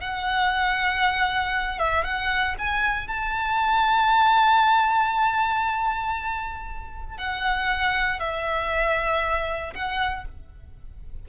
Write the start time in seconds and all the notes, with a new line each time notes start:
0.00 F#5
1.79 E5
2.04 F#5
2.58 G#5
3.07 A5
7.17 F#5
8.20 E5
9.74 F#5